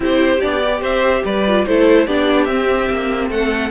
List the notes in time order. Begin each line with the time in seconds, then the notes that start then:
0.00 C4 E4 G4 C5
0.40 B3 D4 D5
0.63 G4
0.81 C4 C5 E5
1.24 G3 B4 D5
1.47 F4
1.66 A3 E4 A4 C5
2.06 B3 D4 G4 D5
2.45 C4 E5
2.89 A#3
3.30 A3 A4 F#5